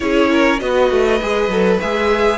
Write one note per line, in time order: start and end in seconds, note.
0.00 0.61 C#4
0.00 0.59 E4
0.00 0.30 G#4
0.00 0.59 C#5
0.30 0.60 A#4
0.59 0.91 B3
0.59 1.19 F#4
0.59 2.37 B4
0.59 1.79 D#5
0.91 1.21 A3
1.21 1.48 G#3
1.21 1.51 G#4
1.48 1.78 F#3
1.48 1.81 A4
1.80 2.37 G#3
1.80 2.37 G#4
1.80 2.37 E5